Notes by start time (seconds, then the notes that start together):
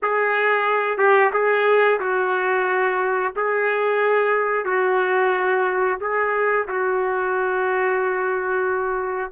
0.02 G#4
0.98 G4
1.33 G#4
2.00 F#4
3.36 G#4
4.65 F#4
6.00 G#4
6.68 F#4